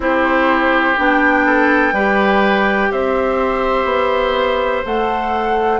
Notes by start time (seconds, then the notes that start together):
0.00 C4 E4 G4 C5
0.97 B3 D4 G5
1.46 A4
1.92 G3 G4 B4
2.91 C4 C5 E5
3.84 B3
4.84 A3 A4 F#5